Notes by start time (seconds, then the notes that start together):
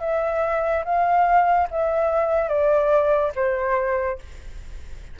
0.00 E5
0.84 F5
1.70 E5
2.48 D5
3.35 C5